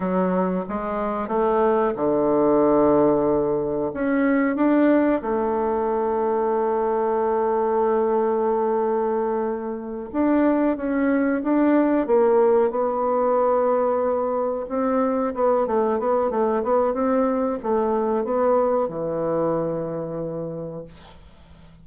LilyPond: \new Staff \with { instrumentName = "bassoon" } { \time 4/4 \tempo 4 = 92 fis4 gis4 a4 d4~ | d2 cis'4 d'4 | a1~ | a2.~ a8 d'8~ |
d'8 cis'4 d'4 ais4 b8~ | b2~ b8 c'4 b8 | a8 b8 a8 b8 c'4 a4 | b4 e2. | }